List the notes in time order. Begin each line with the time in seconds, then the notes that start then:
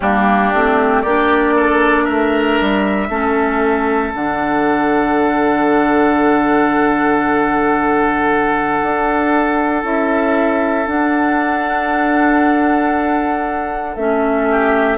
0.00 G3 A#3 D4 G4
0.53 A3 C4
1.01 A#3 D4 G4 D5
1.56 A4
2.04 A3 A#4 E5
2.61 G3
3.09 A3 C#4 A4
4.14 D3 D4 F#5
8.82 D4
9.83 C#4 E4 E5
10.86 D4 F#5
13.95 A3 C#4 E5
14.50 G4